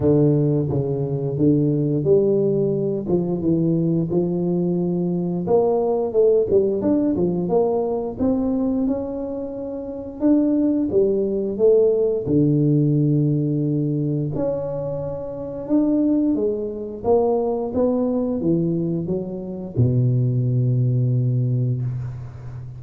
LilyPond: \new Staff \with { instrumentName = "tuba" } { \time 4/4 \tempo 4 = 88 d4 cis4 d4 g4~ | g8 f8 e4 f2 | ais4 a8 g8 d'8 f8 ais4 | c'4 cis'2 d'4 |
g4 a4 d2~ | d4 cis'2 d'4 | gis4 ais4 b4 e4 | fis4 b,2. | }